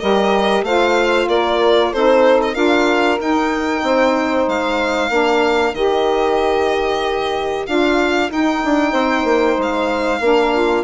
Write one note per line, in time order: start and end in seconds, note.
0.00 0.62 G3
0.00 0.65 G4
0.00 0.64 A#4
0.00 0.64 D#5
0.62 1.26 A3
0.62 1.93 F4
0.62 1.27 C5
0.62 1.28 F5
1.27 1.92 A#3
1.27 1.91 A#4
1.27 1.93 D5
1.91 2.56 C4
1.91 2.54 D#4
1.91 2.54 A4
1.91 2.41 C5
2.43 2.55 D#5
2.54 3.19 D4
2.54 3.17 F4
2.54 3.82 A#4
2.54 3.18 F5
3.20 3.83 D#4
3.20 5.10 D#4
3.20 4.49 G5
3.83 4.47 C4
3.83 5.11 C5
4.47 5.09 G#3
4.47 5.74 F5
5.09 5.73 A#3
5.09 5.74 D4
5.09 8.92 A#4
5.73 7.65 D#3
5.73 7.66 G4
5.73 7.66 D#5
7.66 8.31 D4
7.66 8.30 F4
7.66 8.30 F5
8.30 10.21 D#4
8.30 8.63 D#4
8.30 9.60 G5
8.64 8.93 D4
8.92 9.24 C4
8.92 10.19 C5
9.24 9.56 A#3
9.58 10.20 G#3
9.58 10.84 F5
10.20 10.84 A#3
10.20 10.84 D4
10.20 10.53 A#4
10.53 10.84 F4